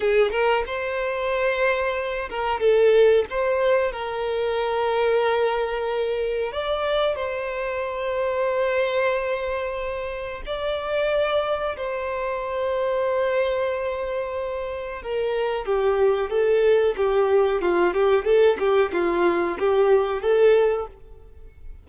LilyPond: \new Staff \with { instrumentName = "violin" } { \time 4/4 \tempo 4 = 92 gis'8 ais'8 c''2~ c''8 ais'8 | a'4 c''4 ais'2~ | ais'2 d''4 c''4~ | c''1 |
d''2 c''2~ | c''2. ais'4 | g'4 a'4 g'4 f'8 g'8 | a'8 g'8 f'4 g'4 a'4 | }